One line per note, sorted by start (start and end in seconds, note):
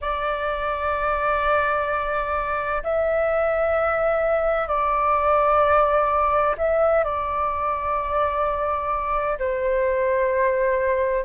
0.01 2.82 D5
2.83 4.67 E5
4.67 6.55 D5
6.57 7.04 E5
7.04 9.38 D5
9.38 11.25 C5